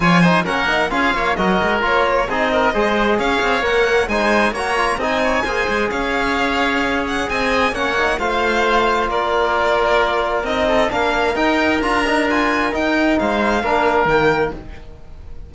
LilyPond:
<<
  \new Staff \with { instrumentName = "violin" } { \time 4/4 \tempo 4 = 132 gis''4 fis''4 f''4 dis''4 | cis''4 dis''2 f''4 | fis''4 gis''4 ais''4 gis''4~ | gis''4 f''2~ f''8 fis''8 |
gis''4 fis''4 f''2 | d''2. dis''4 | f''4 g''4 ais''4 gis''4 | g''4 f''2 g''4 | }
  \new Staff \with { instrumentName = "oboe" } { \time 4/4 cis''8 c''8 ais'4 gis'8 cis''8 ais'4~ | ais'4 gis'8 ais'8 c''4 cis''4~ | cis''4 c''4 cis''4 dis''8 cis''8 | c''4 cis''2. |
dis''4 cis''4 c''2 | ais'2.~ ais'8 a'8 | ais'1~ | ais'4 c''4 ais'2 | }
  \new Staff \with { instrumentName = "trombone" } { \time 4/4 f'8 dis'8 cis'8 dis'8 f'4 fis'4 | f'4 dis'4 gis'2 | ais'4 dis'4 fis'8 f'8 dis'4 | gis'1~ |
gis'4 cis'8 dis'8 f'2~ | f'2. dis'4 | d'4 dis'4 f'8 dis'8 f'4 | dis'2 d'4 ais4 | }
  \new Staff \with { instrumentName = "cello" } { \time 4/4 f4 ais4 cis'8 ais8 fis8 gis8 | ais4 c'4 gis4 cis'8 c'8 | ais4 gis4 ais4 c'4 | ais8 gis8 cis'2. |
c'4 ais4 a2 | ais2. c'4 | ais4 dis'4 d'2 | dis'4 gis4 ais4 dis4 | }
>>